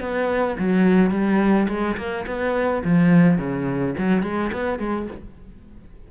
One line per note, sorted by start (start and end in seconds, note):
0.00 0.57 B3
0.59 1.11 F#3
1.11 1.67 G3
1.68 1.96 G#3
1.97 2.25 A#3
2.26 2.83 B3
2.84 3.38 F3
3.38 3.95 C#3
3.98 4.23 F#3
4.23 4.51 G#3
4.53 4.79 B3
4.79 5.07 G#3